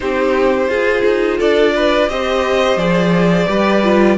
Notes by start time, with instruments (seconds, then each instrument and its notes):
0.00 cello C4, viola D#4, violin G4 C5
0.68 cello F4, viola F4, violin G#4
1.04 cello D#4
1.38 cello D4, violin A4 D5
1.76 violin B4
2.09 cello C4, viola G4, violin C5 D#5
2.76 cello F3, viola G#4, violin D5
3.47 cello G3, viola G4, violin B4
3.83 viola F4